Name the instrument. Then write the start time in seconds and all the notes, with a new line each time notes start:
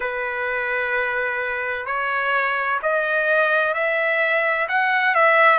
trumpet
0.00 B4
1.85 C#5
2.82 D#5
3.73 E5
4.68 F#5
5.14 E5